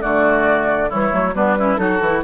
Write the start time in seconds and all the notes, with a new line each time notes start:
0.00 D3 A3 F#4 D5
0.89 E3 G3 E4 C#5
1.10 F#3 A3
1.34 G3 B3 D4 B4
1.58 C#4 E4
1.76 F#3 D#4 F#4 A4
2.00 E3 E4